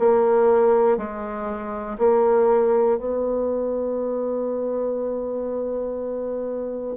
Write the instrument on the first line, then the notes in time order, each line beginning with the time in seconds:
bassoon
0.00 A#3
0.98 G#3
1.99 A#3
2.98 B3